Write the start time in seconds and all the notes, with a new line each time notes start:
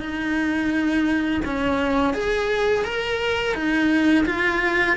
0.00 D#4
1.45 C#4
2.14 G#4
2.85 A#4
3.55 D#4
4.26 F4